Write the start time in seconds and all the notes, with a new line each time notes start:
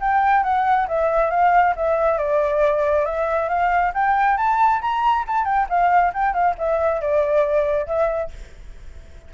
0.00 G5
0.43 F#5
0.88 E5
1.30 F5
1.76 E5
2.18 D5
3.05 E5
3.48 F5
3.94 G5
4.37 A5
4.81 A#5
5.27 A5
5.45 G5
5.69 F5
6.13 G5
6.33 F5
6.58 E5
7.01 D5
7.86 E5